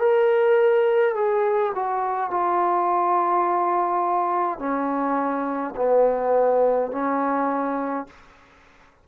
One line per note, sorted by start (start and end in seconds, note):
0.00 1.15 A#4
1.15 1.73 G#4
1.75 2.31 F#4
2.31 4.59 F4
4.59 5.75 C#4
5.76 6.92 B3
6.92 8.07 C#4